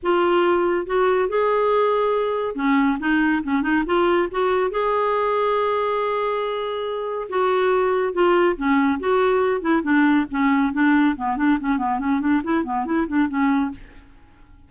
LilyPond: \new Staff \with { instrumentName = "clarinet" } { \time 4/4 \tempo 4 = 140 f'2 fis'4 gis'4~ | gis'2 cis'4 dis'4 | cis'8 dis'8 f'4 fis'4 gis'4~ | gis'1~ |
gis'4 fis'2 f'4 | cis'4 fis'4. e'8 d'4 | cis'4 d'4 b8 d'8 cis'8 b8 | cis'8 d'8 e'8 b8 e'8 d'8 cis'4 | }